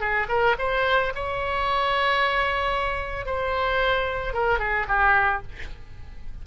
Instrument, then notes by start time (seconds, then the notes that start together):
oboe
0.00 G#4
0.29 A#4
0.59 C5
1.15 C#5
3.26 C5
4.33 A#4
4.59 G#4
4.88 G4